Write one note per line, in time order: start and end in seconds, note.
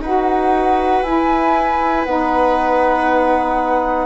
0.00 1.02 D#4
0.00 1.05 F#4
0.00 4.06 B4
0.00 1.03 F#5
1.03 2.05 E4
1.03 2.06 E4
1.03 2.05 G#5
2.05 4.06 B3
2.05 4.06 D#4
2.05 4.06 F#5